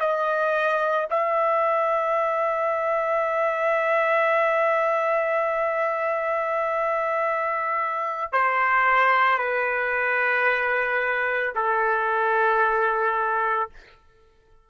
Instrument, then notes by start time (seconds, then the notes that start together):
trumpet
0.00 D#5
1.11 E5
8.33 C5
9.38 B4
11.55 A4